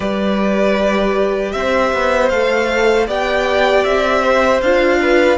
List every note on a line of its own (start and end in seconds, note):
0.00 1.54 G3
0.00 2.29 G4
0.00 1.53 B4
0.00 1.52 D5
1.52 1.92 C4
1.52 3.07 C5
1.52 2.29 E5
1.93 2.31 B3
2.29 3.07 A3
2.29 3.07 A4
2.29 3.06 F5
3.07 3.84 B3
3.07 4.61 G4
3.07 4.22 D5
3.07 3.84 G5
3.84 4.61 C4
3.84 4.61 E5
4.22 4.99 C5
4.61 5.38 D4
4.61 5.38 F4
4.61 5.38 F5
5.01 5.38 B4